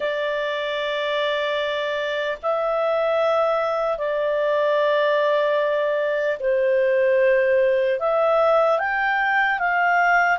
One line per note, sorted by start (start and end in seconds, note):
0.00 2.37 D5
2.42 3.98 E5
3.98 6.38 D5
6.39 7.99 C5
7.99 8.79 E5
8.79 9.58 G5
9.58 10.38 F5